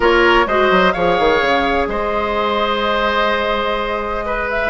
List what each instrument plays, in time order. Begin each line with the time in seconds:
0.00 bassoon A#3, clarinet F4, oboe A#4, flute C#5
0.46 bassoon G#3, clarinet F#4, oboe C5, flute D#5
0.70 bassoon F#3
0.92 bassoon F3, clarinet G#4, oboe C#5, flute F5
1.19 bassoon D#3
1.41 bassoon C#3
1.87 bassoon G#3, oboe C5, flute D#5
4.25 oboe B4
4.50 flute E5